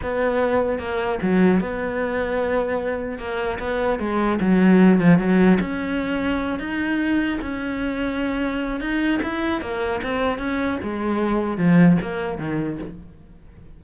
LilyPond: \new Staff \with { instrumentName = "cello" } { \time 4/4 \tempo 4 = 150 b2 ais4 fis4 | b1 | ais4 b4 gis4 fis4~ | fis8 f8 fis4 cis'2~ |
cis'8 dis'2 cis'4.~ | cis'2 dis'4 e'4 | ais4 c'4 cis'4 gis4~ | gis4 f4 ais4 dis4 | }